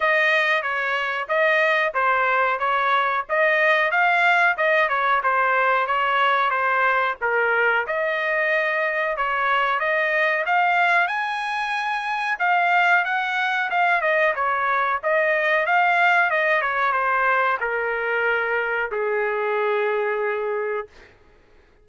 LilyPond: \new Staff \with { instrumentName = "trumpet" } { \time 4/4 \tempo 4 = 92 dis''4 cis''4 dis''4 c''4 | cis''4 dis''4 f''4 dis''8 cis''8 | c''4 cis''4 c''4 ais'4 | dis''2 cis''4 dis''4 |
f''4 gis''2 f''4 | fis''4 f''8 dis''8 cis''4 dis''4 | f''4 dis''8 cis''8 c''4 ais'4~ | ais'4 gis'2. | }